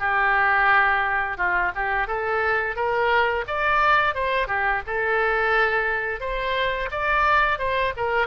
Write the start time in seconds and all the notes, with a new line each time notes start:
0.00 G4
1.38 F4
1.76 G4
2.08 A4
2.76 A#4
3.48 D5
4.15 C5
4.48 G4
4.87 A4
6.21 C5
6.91 D5
7.59 C5
7.97 A#4